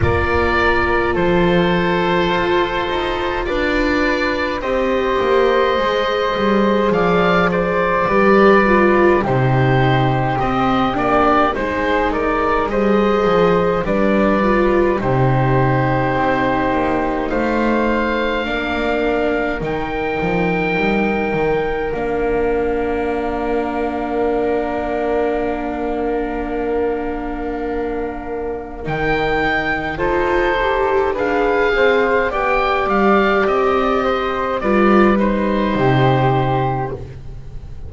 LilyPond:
<<
  \new Staff \with { instrumentName = "oboe" } { \time 4/4 \tempo 4 = 52 d''4 c''2 d''4 | dis''2 f''8 d''4. | c''4 dis''8 d''8 c''8 d''8 dis''4 | d''4 c''2 f''4~ |
f''4 g''2 f''4~ | f''1~ | f''4 g''4 c''4 f''4 | g''8 f''8 dis''4 d''8 c''4. | }
  \new Staff \with { instrumentName = "flute" } { \time 4/4 ais'4 a'2 b'4 | c''2 d''8 c''8 b'4 | g'2 gis'8 ais'8 c''4 | b'4 g'2 c''4 |
ais'1~ | ais'1~ | ais'2 a'4 b'8 c''8 | d''4. c''8 b'4 g'4 | }
  \new Staff \with { instrumentName = "viola" } { \time 4/4 f'1 | g'4 gis'2 g'8 f'8 | dis'4 c'8 d'8 dis'4 gis'4 | d'8 f'8 dis'2. |
d'4 dis'2 d'4~ | d'1~ | d'4 dis'4 f'8 g'8 gis'4 | g'2 f'8 dis'4. | }
  \new Staff \with { instrumentName = "double bass" } { \time 4/4 ais4 f4 f'8 dis'8 d'4 | c'8 ais8 gis8 g8 f4 g4 | c4 c'8 ais8 gis4 g8 f8 | g4 c4 c'8 ais8 a4 |
ais4 dis8 f8 g8 dis8 ais4~ | ais1~ | ais4 dis4 dis'4 d'8 c'8 | b8 g8 c'4 g4 c4 | }
>>